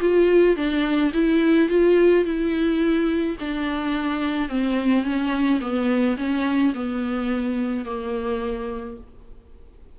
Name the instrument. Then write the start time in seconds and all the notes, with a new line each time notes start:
viola
0.00 F4
0.56 D4
1.13 E4
1.68 F4
2.24 E4
3.40 D4
4.49 C4
5.03 C#4
5.60 B3
6.17 C#4
6.74 B3
7.85 A#3